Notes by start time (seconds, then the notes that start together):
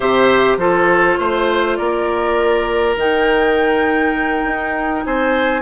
0.00 C3 G4 C5 E5
0.57 F3 F4 A4 C5
1.19 A3 C5
1.76 A#3 A#4 D5
2.96 D#3 D#4 G5
4.44 D#4
5.05 C4 C5 G#5